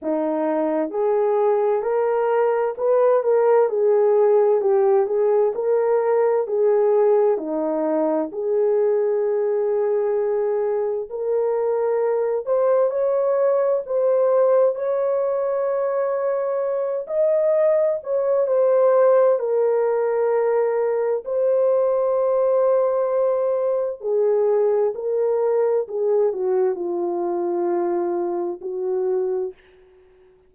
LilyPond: \new Staff \with { instrumentName = "horn" } { \time 4/4 \tempo 4 = 65 dis'4 gis'4 ais'4 b'8 ais'8 | gis'4 g'8 gis'8 ais'4 gis'4 | dis'4 gis'2. | ais'4. c''8 cis''4 c''4 |
cis''2~ cis''8 dis''4 cis''8 | c''4 ais'2 c''4~ | c''2 gis'4 ais'4 | gis'8 fis'8 f'2 fis'4 | }